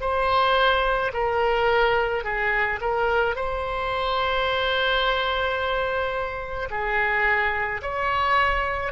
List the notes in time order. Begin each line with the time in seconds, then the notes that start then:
0.00 C5
1.13 A#4
2.24 G#4
2.80 A#4
3.35 C5
6.70 G#4
7.82 C#5